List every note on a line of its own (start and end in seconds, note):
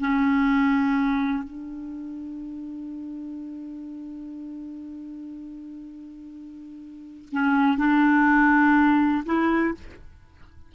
0.00 1.44 C#4
1.44 7.29 D4
7.32 7.78 C#4
7.78 9.24 D4
9.26 9.74 E4